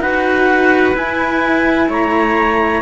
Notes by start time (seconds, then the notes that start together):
0.00 D#4 F#4 B4 F#5
0.94 E4 G#5
1.89 A3 C#5 A#5